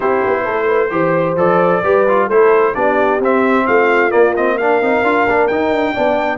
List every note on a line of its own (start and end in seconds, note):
0.00 0.24 C4
0.00 0.90 E4
0.00 0.43 G4
0.00 1.36 C5
0.26 0.47 B3
0.44 0.91 A3
0.44 0.67 A4
0.67 0.89 B4
0.90 1.35 E3
0.90 1.36 G4
0.90 1.83 C5
1.35 1.81 F3
1.35 1.83 A4
1.35 2.29 D5
1.83 2.29 G3
1.83 2.06 G4
1.83 2.26 B4
2.08 2.31 F4
2.26 2.75 A3
2.26 2.74 E4
2.26 2.72 A4
2.26 2.74 C5
2.73 3.19 B3
2.73 3.20 D4
2.73 3.65 G4
2.73 3.20 D5
3.19 3.65 C4
3.19 4.10 C4
3.19 3.66 E5
3.66 4.13 A3
3.66 4.56 F4
3.66 4.11 F5
4.10 4.33 A#3
4.10 4.81 A#3
4.10 4.34 D5
4.35 4.59 C4
4.35 4.57 D#5
4.56 4.82 D4
4.56 5.93 A#4
4.56 5.47 F5
4.81 5.02 C4
4.81 5.04 D#4
5.02 5.25 D4
5.02 5.27 F4
5.26 5.49 A#3
5.26 5.50 D4
5.47 5.95 D#4
5.47 5.70 D#4
5.47 6.37 G5
5.70 5.93 D4
5.93 6.37 B3
5.93 6.37 D4
5.93 6.37 D5